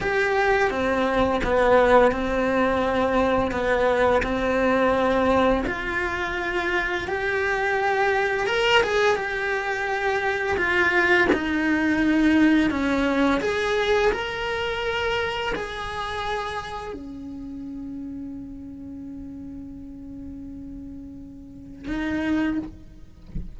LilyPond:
\new Staff \with { instrumentName = "cello" } { \time 4/4 \tempo 4 = 85 g'4 c'4 b4 c'4~ | c'4 b4 c'2 | f'2 g'2 | ais'8 gis'8 g'2 f'4 |
dis'2 cis'4 gis'4 | ais'2 gis'2 | cis'1~ | cis'2. dis'4 | }